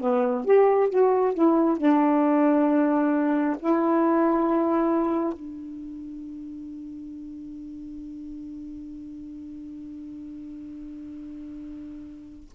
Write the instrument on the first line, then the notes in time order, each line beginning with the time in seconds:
saxophone
0.00 B3
0.45 G4
0.90 F#4
1.34 E4
1.77 D4
3.59 E4
5.33 D4